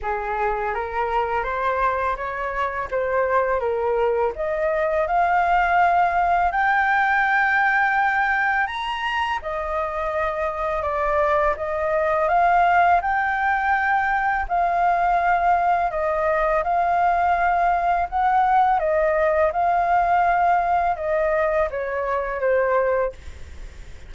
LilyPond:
\new Staff \with { instrumentName = "flute" } { \time 4/4 \tempo 4 = 83 gis'4 ais'4 c''4 cis''4 | c''4 ais'4 dis''4 f''4~ | f''4 g''2. | ais''4 dis''2 d''4 |
dis''4 f''4 g''2 | f''2 dis''4 f''4~ | f''4 fis''4 dis''4 f''4~ | f''4 dis''4 cis''4 c''4 | }